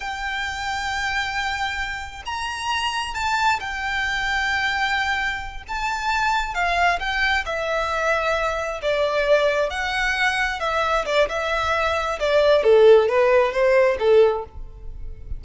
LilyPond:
\new Staff \with { instrumentName = "violin" } { \time 4/4 \tempo 4 = 133 g''1~ | g''4 ais''2 a''4 | g''1~ | g''8 a''2 f''4 g''8~ |
g''8 e''2. d''8~ | d''4. fis''2 e''8~ | e''8 d''8 e''2 d''4 | a'4 b'4 c''4 a'4 | }